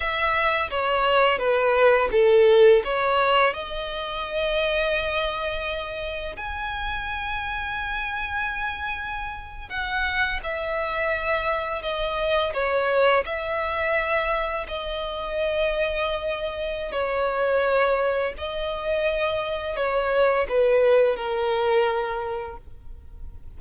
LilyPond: \new Staff \with { instrumentName = "violin" } { \time 4/4 \tempo 4 = 85 e''4 cis''4 b'4 a'4 | cis''4 dis''2.~ | dis''4 gis''2.~ | gis''4.~ gis''16 fis''4 e''4~ e''16~ |
e''8. dis''4 cis''4 e''4~ e''16~ | e''8. dis''2.~ dis''16 | cis''2 dis''2 | cis''4 b'4 ais'2 | }